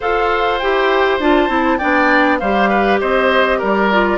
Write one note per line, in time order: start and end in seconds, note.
0.00 0.62 F4
0.00 0.60 A4
0.00 1.78 C5
0.00 0.58 F5
0.58 1.19 E4
0.58 1.20 G4
0.58 1.18 G5
1.19 1.49 D4
1.19 1.48 F4
1.19 1.78 A5
1.48 1.79 C4
1.48 1.78 E4
1.78 2.41 B3
1.78 2.40 D4
1.78 2.38 D5
1.78 2.38 G5
2.38 3.01 G3
2.38 3.92 G4
2.38 2.69 C5
2.38 2.98 F5
2.69 2.99 B4
3.00 3.61 C4
3.00 3.58 C5
3.00 3.60 D#5
3.58 4.18 G3
3.58 4.18 A#4
3.58 4.18 D5
3.92 4.18 F4